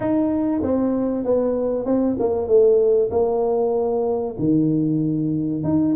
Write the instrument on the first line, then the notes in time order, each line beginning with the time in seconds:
tuba
0.00 D#4
0.62 C4
1.24 B3
1.85 C4
2.19 A#3
2.47 A3
3.11 A#3
4.38 D#3
5.63 D#4